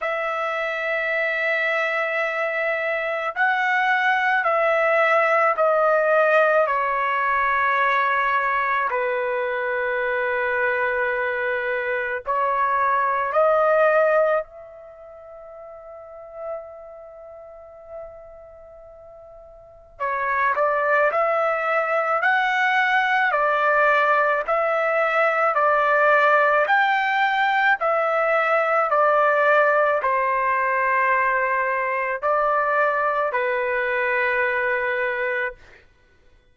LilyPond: \new Staff \with { instrumentName = "trumpet" } { \time 4/4 \tempo 4 = 54 e''2. fis''4 | e''4 dis''4 cis''2 | b'2. cis''4 | dis''4 e''2.~ |
e''2 cis''8 d''8 e''4 | fis''4 d''4 e''4 d''4 | g''4 e''4 d''4 c''4~ | c''4 d''4 b'2 | }